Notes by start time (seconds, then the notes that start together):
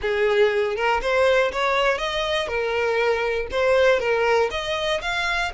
0.01 G#4
0.75 A#4
1.01 C5
1.52 C#5
1.98 D#5
2.48 A#4
3.51 C5
3.99 A#4
4.50 D#5
5.01 F5